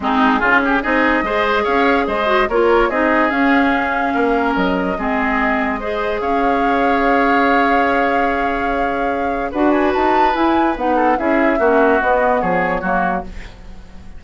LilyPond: <<
  \new Staff \with { instrumentName = "flute" } { \time 4/4 \tempo 4 = 145 gis'2 dis''2 | f''4 dis''4 cis''4 dis''4 | f''2. dis''4~ | dis''2. f''4~ |
f''1~ | f''2. fis''8 gis''8 | a''4 gis''4 fis''4 e''4~ | e''4 dis''4 cis''2 | }
  \new Staff \with { instrumentName = "oboe" } { \time 4/4 dis'4 f'8 g'8 gis'4 c''4 | cis''4 c''4 ais'4 gis'4~ | gis'2 ais'2 | gis'2 c''4 cis''4~ |
cis''1~ | cis''2. b'4~ | b'2~ b'8 a'8 gis'4 | fis'2 gis'4 fis'4 | }
  \new Staff \with { instrumentName = "clarinet" } { \time 4/4 c'4 cis'4 dis'4 gis'4~ | gis'4. fis'8 f'4 dis'4 | cis'1 | c'2 gis'2~ |
gis'1~ | gis'2. fis'4~ | fis'4 e'4 dis'4 e'4 | cis'4 b2 ais4 | }
  \new Staff \with { instrumentName = "bassoon" } { \time 4/4 gis4 cis4 c'4 gis4 | cis'4 gis4 ais4 c'4 | cis'2 ais4 fis4 | gis2. cis'4~ |
cis'1~ | cis'2. d'4 | dis'4 e'4 b4 cis'4 | ais4 b4 f4 fis4 | }
>>